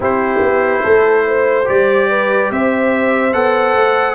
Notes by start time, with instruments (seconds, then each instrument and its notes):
0.00 tuba C4, trombone E4, horn G4, trumpet C5
0.41 tuba B3
0.82 tuba A3, horn A4
1.26 horn C5
1.65 tuba G3, trombone G4, trumpet D5
2.09 horn B4
2.50 tuba C4, horn C5, trumpet E5
3.33 tuba B3, trombone A4, trumpet F#5
3.75 tuba A3